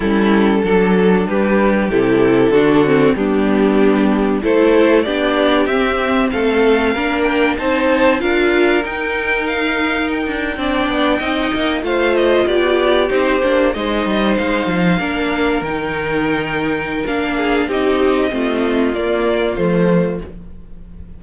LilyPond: <<
  \new Staff \with { instrumentName = "violin" } { \time 4/4 \tempo 4 = 95 a'2 b'4 a'4~ | a'4 g'2 c''4 | d''4 e''4 f''4. g''8 | a''4 f''4 g''4 f''4 |
g''2~ g''8. f''8 dis''8 d''16~ | d''8. c''4 dis''4 f''4~ f''16~ | f''8. g''2~ g''16 f''4 | dis''2 d''4 c''4 | }
  \new Staff \with { instrumentName = "violin" } { \time 4/4 e'4 a'4 g'2 | fis'4 d'2 a'4 | g'2 a'4 ais'4 | c''4 ais'2.~ |
ais'8. d''4 dis''4 c''4 g'16~ | g'4.~ g'16 c''2 ais'16~ | ais'2.~ ais'8 gis'8 | g'4 f'2. | }
  \new Staff \with { instrumentName = "viola" } { \time 4/4 cis'4 d'2 e'4 | d'8 c'8 b2 e'4 | d'4 c'2 d'4 | dis'4 f'4 dis'2~ |
dis'8. d'4 dis'4 f'4~ f'16~ | f'8. dis'8 d'8 dis'2 d'16~ | d'8. dis'2~ dis'16 d'4 | dis'4 c'4 ais4 a4 | }
  \new Staff \with { instrumentName = "cello" } { \time 4/4 g4 fis4 g4 c4 | d4 g2 a4 | b4 c'4 a4 ais4 | c'4 d'4 dis'2~ |
dis'16 d'8 c'8 b8 c'8 ais8 a4 b16~ | b8. c'8 ais8 gis8 g8 gis8 f8 ais16~ | ais8. dis2~ dis16 ais4 | c'4 a4 ais4 f4 | }
>>